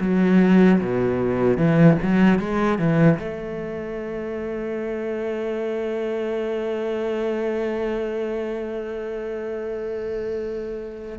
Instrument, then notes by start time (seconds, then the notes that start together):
cello
0.00 F#3
0.80 B2
1.57 E3
2.02 F#3
2.39 G#3
2.78 E3
3.19 A3